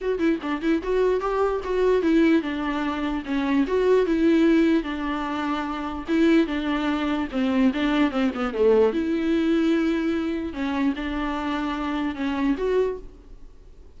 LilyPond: \new Staff \with { instrumentName = "viola" } { \time 4/4 \tempo 4 = 148 fis'8 e'8 d'8 e'8 fis'4 g'4 | fis'4 e'4 d'2 | cis'4 fis'4 e'2 | d'2. e'4 |
d'2 c'4 d'4 | c'8 b8 a4 e'2~ | e'2 cis'4 d'4~ | d'2 cis'4 fis'4 | }